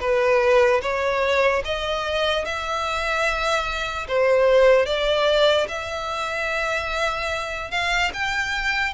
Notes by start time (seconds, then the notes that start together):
0.00 B4
0.82 C#5
1.64 D#5
2.45 E5
4.08 C5
4.86 D5
5.68 E5
7.71 F5
8.13 G5